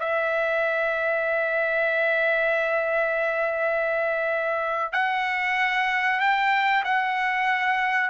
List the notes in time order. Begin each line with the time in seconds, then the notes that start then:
0.00 E5
4.93 F#5
6.20 G5
6.85 F#5